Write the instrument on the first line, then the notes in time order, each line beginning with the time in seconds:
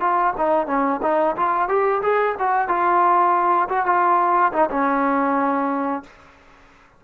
trombone
0.00 F4
0.37 D#4
0.66 C#4
1.02 D#4
1.36 F4
1.68 G4
2.02 G#4
2.39 F#4
2.68 F4
3.69 F#4
3.85 F4
4.52 D#4
4.70 C#4